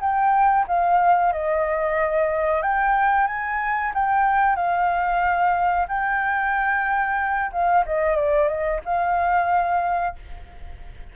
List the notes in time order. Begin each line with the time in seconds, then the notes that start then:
0.00 G5
0.67 F5
1.33 D#5
2.62 G5
3.27 G#5
3.94 G5
4.56 F5
5.88 G5
7.52 F5
7.86 D#5
8.16 D5
8.48 D#5
8.85 F5